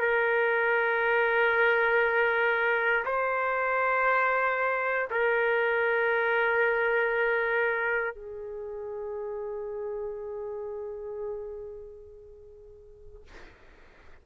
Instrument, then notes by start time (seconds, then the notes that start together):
trumpet
0.00 A#4
3.05 C5
5.11 A#4
8.15 G#4